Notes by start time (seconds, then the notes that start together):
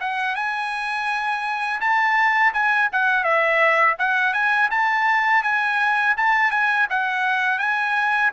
0.00 F#5
0.35 G#5
1.80 A5
2.53 G#5
2.92 F#5
3.24 E5
3.98 F#5
4.33 G#5
4.71 A5
5.43 G#5
6.17 A5
6.51 G#5
6.90 F#5
7.58 G#5